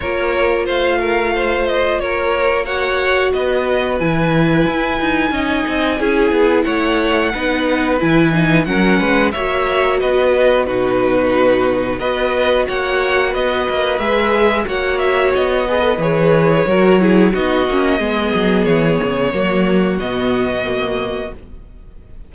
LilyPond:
<<
  \new Staff \with { instrumentName = "violin" } { \time 4/4 \tempo 4 = 90 cis''4 f''4. dis''8 cis''4 | fis''4 dis''4 gis''2~ | gis''2 fis''2 | gis''4 fis''4 e''4 dis''4 |
b'2 dis''4 fis''4 | dis''4 e''4 fis''8 e''8 dis''4 | cis''2 dis''2 | cis''2 dis''2 | }
  \new Staff \with { instrumentName = "violin" } { \time 4/4 ais'4 c''8 ais'8 c''4 ais'4 | cis''4 b'2. | dis''4 gis'4 cis''4 b'4~ | b'4 ais'8 b'8 cis''4 b'4 |
fis'2 b'4 cis''4 | b'2 cis''4. b'8~ | b'4 ais'8 gis'8 fis'4 gis'4~ | gis'4 fis'2. | }
  \new Staff \with { instrumentName = "viola" } { \time 4/4 f'1 | fis'2 e'2 | dis'4 e'2 dis'4 | e'8 dis'8 cis'4 fis'2 |
dis'2 fis'2~ | fis'4 gis'4 fis'4. gis'16 a'16 | gis'4 fis'8 e'8 dis'8 cis'8 b4~ | b4 ais4 b4 ais4 | }
  \new Staff \with { instrumentName = "cello" } { \time 4/4 ais4 a2 ais4~ | ais4 b4 e4 e'8 dis'8 | cis'8 c'8 cis'8 b8 a4 b4 | e4 fis8 gis8 ais4 b4 |
b,2 b4 ais4 | b8 ais8 gis4 ais4 b4 | e4 fis4 b8 ais8 gis8 fis8 | e8 cis8 fis4 b,2 | }
>>